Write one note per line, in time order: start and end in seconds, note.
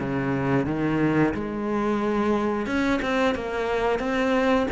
0.00 0.66 C#3
0.66 1.34 D#3
1.35 2.67 G#3
2.67 3.00 C#4
3.02 3.36 C4
3.36 4.00 A#3
4.00 4.67 C4